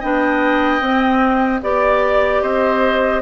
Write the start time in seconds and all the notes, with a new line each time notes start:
0.00 B3 D4 D#5 G5
0.81 C4
1.62 B3 G4 D5
2.42 C4 C5 D#5